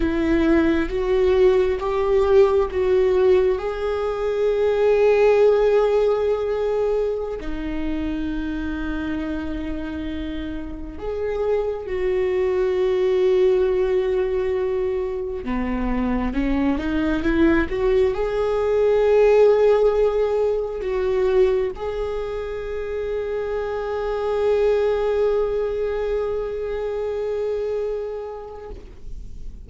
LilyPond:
\new Staff \with { instrumentName = "viola" } { \time 4/4 \tempo 4 = 67 e'4 fis'4 g'4 fis'4 | gis'1~ | gis'16 dis'2.~ dis'8.~ | dis'16 gis'4 fis'2~ fis'8.~ |
fis'4~ fis'16 b4 cis'8 dis'8 e'8 fis'16~ | fis'16 gis'2. fis'8.~ | fis'16 gis'2.~ gis'8.~ | gis'1 | }